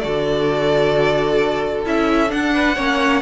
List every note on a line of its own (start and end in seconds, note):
0.00 1.86 D3
0.00 1.86 F#4
0.00 2.54 A4
0.00 1.83 D5
1.86 2.31 C#4
1.86 2.28 E4
1.86 2.32 E5
2.28 2.74 D4
2.28 2.77 D4
2.28 3.22 F#5
2.54 2.76 B4
2.76 3.22 A#3
2.76 3.22 C#4
2.76 3.22 C#5